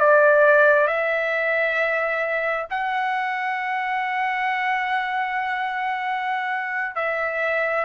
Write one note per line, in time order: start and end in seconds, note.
0.00 0.88 D5
0.88 2.67 E5
2.70 6.96 F#5
6.96 7.85 E5